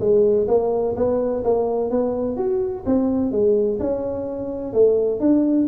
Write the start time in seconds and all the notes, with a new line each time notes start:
0.00 G#3
0.48 A#3
0.96 B3
1.44 A#3
1.90 B3
2.37 F#4
2.86 C4
3.32 G#3
3.80 C#4
4.73 A3
5.20 D4